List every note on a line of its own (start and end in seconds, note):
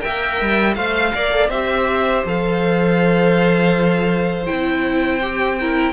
0.00 0.41 A#3
0.00 0.74 A#4
0.00 0.77 E5
0.00 0.75 G5
0.41 0.76 G3
0.75 1.13 A3
0.75 1.14 C5
0.75 1.12 F5
0.75 1.49 F5
1.14 1.49 A#3
1.14 1.32 A#4
1.14 1.50 D5
1.32 1.50 A4
1.49 2.23 C4
1.49 2.26 G4
1.49 5.56 C5
1.49 2.24 E5
2.25 4.47 F3
2.25 4.47 A4
2.25 4.46 F5
4.46 5.93 C4
4.46 5.21 E4
4.46 5.93 G5
5.22 5.59 G4
5.60 5.93 E4
5.60 5.93 A#4